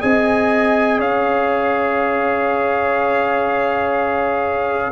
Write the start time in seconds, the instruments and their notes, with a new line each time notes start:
0.00 tuba C4, trombone G#4, horn D#5, trumpet G#5
0.99 tuba C#4, horn C#5, trumpet F5